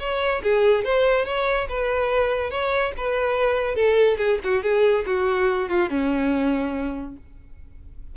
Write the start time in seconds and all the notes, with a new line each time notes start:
0.00 C#5
0.43 G#4
0.85 C5
1.26 C#5
1.69 B4
2.50 C#5
2.98 B4
3.75 A4
4.18 G#4
4.44 F#4
4.63 G#4
5.06 F#4
5.69 F4
5.90 C#4